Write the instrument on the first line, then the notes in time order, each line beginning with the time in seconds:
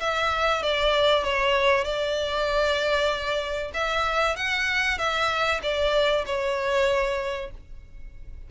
violin
0.00 E5
0.62 D5
1.24 C#5
1.84 D5
3.74 E5
4.36 F#5
4.98 E5
5.62 D5
6.26 C#5